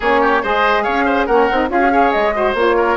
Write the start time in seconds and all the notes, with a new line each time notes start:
0.00 A#3 C#4 G#4 C#5
0.20 G4
0.42 G#3 G#4 C5 D#5
0.83 C#4 C#5 F5
1.05 C5
1.26 A#3 C#4 A#4 F#5
1.51 C4 D#4
1.69 C#4 F4 G#4 F5
1.79 F#4
1.90 G#4 C#5
2.11 G#3 D#5
2.34 F#4 C5
2.54 A#3 F4 C#5
2.76 A#4